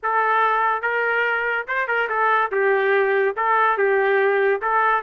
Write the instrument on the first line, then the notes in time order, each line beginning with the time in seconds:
trumpet
0.02 A4
0.82 A#4
1.67 C5
1.87 A#4
2.09 A4
2.51 G4
3.36 A4
3.77 G4
4.61 A4